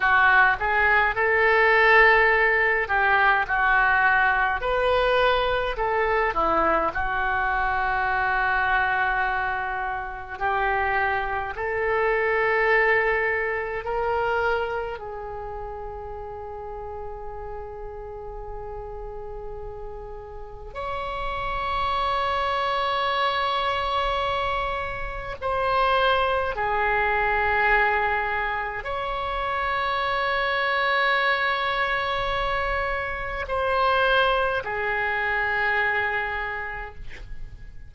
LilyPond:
\new Staff \with { instrumentName = "oboe" } { \time 4/4 \tempo 4 = 52 fis'8 gis'8 a'4. g'8 fis'4 | b'4 a'8 e'8 fis'2~ | fis'4 g'4 a'2 | ais'4 gis'2.~ |
gis'2 cis''2~ | cis''2 c''4 gis'4~ | gis'4 cis''2.~ | cis''4 c''4 gis'2 | }